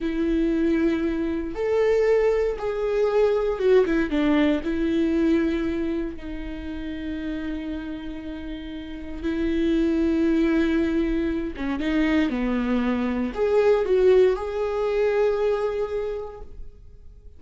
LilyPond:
\new Staff \with { instrumentName = "viola" } { \time 4/4 \tempo 4 = 117 e'2. a'4~ | a'4 gis'2 fis'8 e'8 | d'4 e'2. | dis'1~ |
dis'2 e'2~ | e'2~ e'8 cis'8 dis'4 | b2 gis'4 fis'4 | gis'1 | }